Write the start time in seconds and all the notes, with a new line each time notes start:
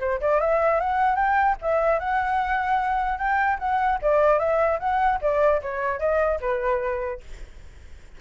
0.00 C5
0.20 D5
0.41 E5
0.80 F#5
1.16 G5
1.62 E5
1.99 F#5
3.18 G5
3.59 F#5
4.01 D5
4.39 E5
4.79 F#5
5.21 D5
5.62 C#5
5.99 D#5
6.40 B4